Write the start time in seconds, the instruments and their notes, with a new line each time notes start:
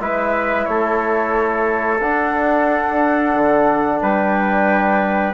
0.00 bassoon G#3, trombone E4, trumpet B4, flute E5
0.66 bassoon A3, trumpet A4, flute C#5
2.01 bassoon D4, trombone D4, flute F#5
3.34 bassoon D3
4.02 bassoon G3, trumpet B4, flute G5